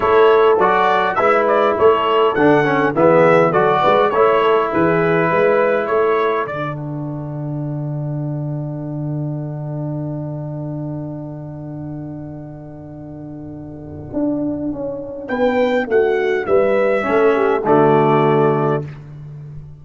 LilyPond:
<<
  \new Staff \with { instrumentName = "trumpet" } { \time 4/4 \tempo 4 = 102 cis''4 d''4 e''8 d''8 cis''4 | fis''4 e''4 d''4 cis''4 | b'2 cis''4 d''8 fis''8~ | fis''1~ |
fis''1~ | fis''1~ | fis''2 g''4 fis''4 | e''2 d''2 | }
  \new Staff \with { instrumentName = "horn" } { \time 4/4 a'2 b'4 a'4~ | a'4 gis'4 a'8 b'8 cis''8 a'8 | gis'4 b'4 a'2~ | a'1~ |
a'1~ | a'1~ | a'2 b'4 fis'4 | b'4 a'8 g'8 fis'2 | }
  \new Staff \with { instrumentName = "trombone" } { \time 4/4 e'4 fis'4 e'2 | d'8 cis'8 b4 fis'4 e'4~ | e'2. d'4~ | d'1~ |
d'1~ | d'1~ | d'1~ | d'4 cis'4 a2 | }
  \new Staff \with { instrumentName = "tuba" } { \time 4/4 a4 fis4 gis4 a4 | d4 e4 fis8 gis8 a4 | e4 gis4 a4 d4~ | d1~ |
d1~ | d1 | d'4 cis'4 b4 a4 | g4 a4 d2 | }
>>